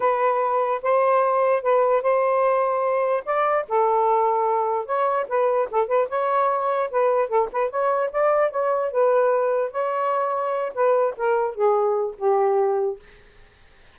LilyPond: \new Staff \with { instrumentName = "saxophone" } { \time 4/4 \tempo 4 = 148 b'2 c''2 | b'4 c''2. | d''4 a'2. | cis''4 b'4 a'8 b'8 cis''4~ |
cis''4 b'4 a'8 b'8 cis''4 | d''4 cis''4 b'2 | cis''2~ cis''8 b'4 ais'8~ | ais'8 gis'4. g'2 | }